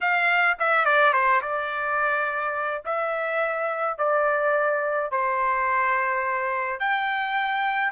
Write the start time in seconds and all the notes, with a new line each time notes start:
0.01 F5
0.59 E5
0.85 D5
1.13 C5
1.41 D5
2.85 E5
3.98 D5
5.11 C5
6.79 G5